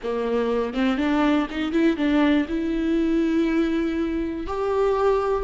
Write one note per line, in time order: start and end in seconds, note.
0.03 0.73 A#3
0.73 0.97 C4
0.97 1.47 D4
1.50 1.72 D#4
1.72 1.96 E4
1.97 2.46 D4
2.48 4.47 E4
4.47 5.43 G4